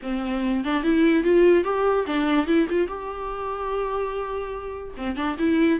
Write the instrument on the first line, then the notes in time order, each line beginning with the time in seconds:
viola
0.02 C4
0.64 D4
0.83 E4
1.23 F4
1.64 G4
2.06 D4
2.46 E4
2.69 F4
2.87 G4
4.97 C4
5.16 D4
5.38 E4